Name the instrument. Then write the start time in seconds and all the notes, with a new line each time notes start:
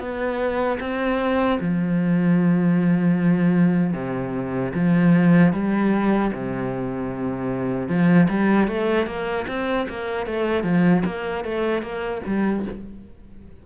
cello
0.00 B3
0.80 C4
1.61 F3
3.94 C3
4.75 F3
5.53 G3
6.34 C3
7.89 F3
8.30 G3
8.68 A3
9.07 A#3
9.48 C4
9.89 A#3
10.27 A3
10.64 F3
11.06 A#3
11.45 A3
11.83 A#3
12.27 G3